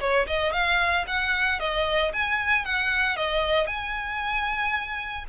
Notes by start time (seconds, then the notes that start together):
0.00 C#5
0.27 D#5
0.52 F5
1.07 F#5
1.59 D#5
2.13 G#5
2.65 F#5
3.16 D#5
3.67 G#5